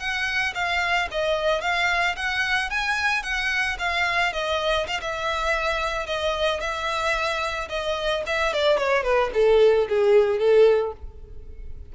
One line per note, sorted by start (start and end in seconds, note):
0.00 0.54 F#5
0.55 1.09 F5
1.12 1.62 D#5
1.62 2.16 F5
2.16 2.70 F#5
2.70 3.23 G#5
3.23 3.77 F#5
3.79 4.33 F5
4.33 4.87 D#5
4.87 5.01 F5
5.01 6.07 E5
6.07 6.61 D#5
6.61 7.69 E5
7.70 8.24 D#5
8.27 8.54 E5
8.54 8.78 D5
8.78 9.04 C#5
9.04 9.31 B4
9.34 9.88 A4
9.89 10.39 G#4
10.39 10.93 A4